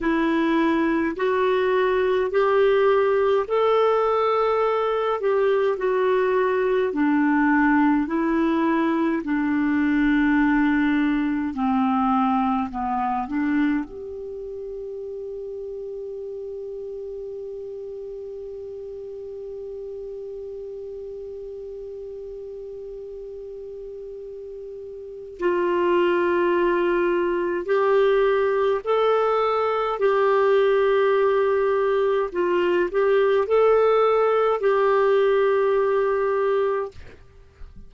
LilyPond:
\new Staff \with { instrumentName = "clarinet" } { \time 4/4 \tempo 4 = 52 e'4 fis'4 g'4 a'4~ | a'8 g'8 fis'4 d'4 e'4 | d'2 c'4 b8 d'8 | g'1~ |
g'1~ | g'2 f'2 | g'4 a'4 g'2 | f'8 g'8 a'4 g'2 | }